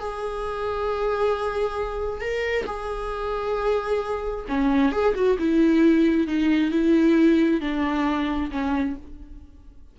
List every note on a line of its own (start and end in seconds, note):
0.00 2.21 G#4
2.21 2.66 A#4
2.66 4.45 G#4
4.49 4.92 C#4
4.92 5.15 G#4
5.15 5.37 F#4
5.39 6.27 E4
6.27 6.71 D#4
6.71 7.61 E4
7.61 8.51 D4
8.51 8.96 C#4